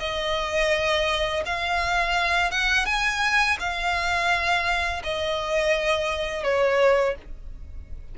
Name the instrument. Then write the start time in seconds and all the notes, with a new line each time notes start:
violin
0.00 D#5
1.46 F5
2.51 F#5
2.86 G#5
3.60 F5
5.04 D#5
6.44 C#5